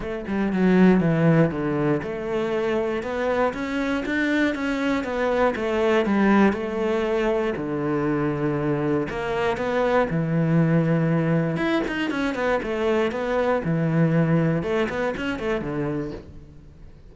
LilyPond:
\new Staff \with { instrumentName = "cello" } { \time 4/4 \tempo 4 = 119 a8 g8 fis4 e4 d4 | a2 b4 cis'4 | d'4 cis'4 b4 a4 | g4 a2 d4~ |
d2 ais4 b4 | e2. e'8 dis'8 | cis'8 b8 a4 b4 e4~ | e4 a8 b8 cis'8 a8 d4 | }